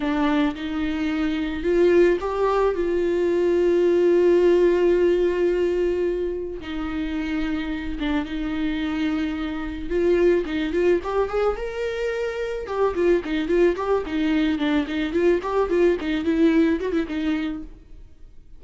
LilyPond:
\new Staff \with { instrumentName = "viola" } { \time 4/4 \tempo 4 = 109 d'4 dis'2 f'4 | g'4 f'2.~ | f'1 | dis'2~ dis'8 d'8 dis'4~ |
dis'2 f'4 dis'8 f'8 | g'8 gis'8 ais'2 g'8 f'8 | dis'8 f'8 g'8 dis'4 d'8 dis'8 f'8 | g'8 f'8 dis'8 e'4 fis'16 e'16 dis'4 | }